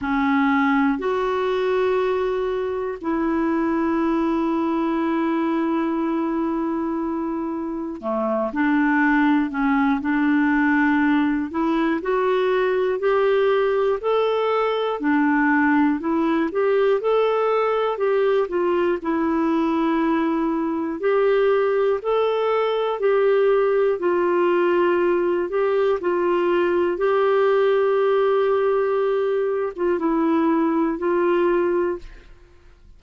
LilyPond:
\new Staff \with { instrumentName = "clarinet" } { \time 4/4 \tempo 4 = 60 cis'4 fis'2 e'4~ | e'1 | a8 d'4 cis'8 d'4. e'8 | fis'4 g'4 a'4 d'4 |
e'8 g'8 a'4 g'8 f'8 e'4~ | e'4 g'4 a'4 g'4 | f'4. g'8 f'4 g'4~ | g'4.~ g'16 f'16 e'4 f'4 | }